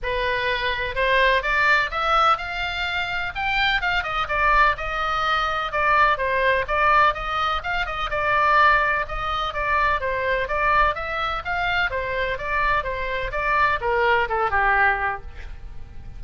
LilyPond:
\new Staff \with { instrumentName = "oboe" } { \time 4/4 \tempo 4 = 126 b'2 c''4 d''4 | e''4 f''2 g''4 | f''8 dis''8 d''4 dis''2 | d''4 c''4 d''4 dis''4 |
f''8 dis''8 d''2 dis''4 | d''4 c''4 d''4 e''4 | f''4 c''4 d''4 c''4 | d''4 ais'4 a'8 g'4. | }